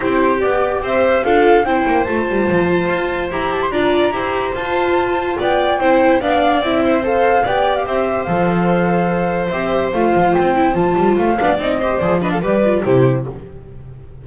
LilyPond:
<<
  \new Staff \with { instrumentName = "flute" } { \time 4/4 \tempo 4 = 145 c''4 d''4 e''4 f''4 | g''4 a''2. | ais''8 a''16 c'''16 ais''2 a''4~ | a''4 g''2 f''4 |
e''4 f''4 g''8. f''16 e''4 | f''2. e''4 | f''4 g''4 a''4 f''4 | dis''4 d''8 dis''16 f''16 d''4 c''4 | }
  \new Staff \with { instrumentName = "violin" } { \time 4/4 g'2 c''4 a'4 | c''1~ | c''4 d''4 c''2~ | c''4 d''4 c''4 d''4~ |
d''8 c''4. d''4 c''4~ | c''1~ | c''2.~ c''8 d''8~ | d''8 c''4 b'16 a'16 b'4 g'4 | }
  \new Staff \with { instrumentName = "viola" } { \time 4/4 e'4 g'2 f'4 | e'4 f'2. | g'4 f'4 g'4 f'4~ | f'2 e'4 d'4 |
e'4 a'4 g'2 | a'2. g'4 | f'4. e'8 f'4. d'8 | dis'8 g'8 gis'8 d'8 g'8 f'8 e'4 | }
  \new Staff \with { instrumentName = "double bass" } { \time 4/4 c'4 b4 c'4 d'4 | c'8 ais8 a8 g8 f4 f'4 | e'4 d'4 e'4 f'4~ | f'4 b4 c'4 b4 |
c'2 b4 c'4 | f2. c'4 | a8 f8 c'4 f8 g8 a8 b8 | c'4 f4 g4 c4 | }
>>